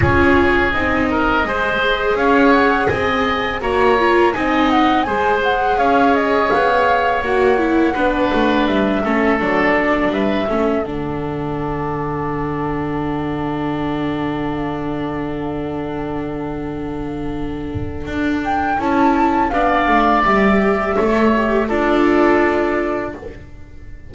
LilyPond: <<
  \new Staff \with { instrumentName = "flute" } { \time 4/4 \tempo 4 = 83 cis''4 dis''2 f''8 fis''8 | gis''4 ais''4 gis''8 fis''8 gis''8 fis''8 | f''8 dis''8 f''4 fis''2 | e''4 d''4 e''4 fis''4~ |
fis''1~ | fis''1~ | fis''4. g''8 a''4 f''4 | e''2 d''2 | }
  \new Staff \with { instrumentName = "oboe" } { \time 4/4 gis'4. ais'8 c''4 cis''4 | dis''4 cis''4 dis''4 c''4 | cis''2. b'4~ | b'8 a'4. b'8 a'4.~ |
a'1~ | a'1~ | a'2. d''4~ | d''4 cis''4 a'2 | }
  \new Staff \with { instrumentName = "viola" } { \time 4/4 f'4 dis'4 gis'2~ | gis'4 fis'8 f'8 dis'4 gis'4~ | gis'2 fis'8 e'8 d'4~ | d'8 cis'8 d'4. cis'8 d'4~ |
d'1~ | d'1~ | d'2 e'4 d'4 | g'4 a'8 g'8 f'2 | }
  \new Staff \with { instrumentName = "double bass" } { \time 4/4 cis'4 c'4 gis4 cis'4 | c'4 ais4 c'4 gis4 | cis'4 b4 ais4 b8 a8 | g8 a8 fis4 g8 a8 d4~ |
d1~ | d1~ | d4 d'4 cis'4 b8 a8 | g4 a4 d'2 | }
>>